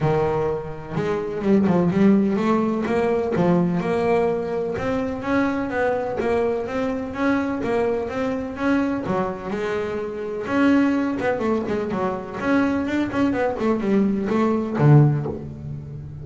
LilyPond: \new Staff \with { instrumentName = "double bass" } { \time 4/4 \tempo 4 = 126 dis2 gis4 g8 f8 | g4 a4 ais4 f4 | ais2 c'4 cis'4 | b4 ais4 c'4 cis'4 |
ais4 c'4 cis'4 fis4 | gis2 cis'4. b8 | a8 gis8 fis4 cis'4 d'8 cis'8 | b8 a8 g4 a4 d4 | }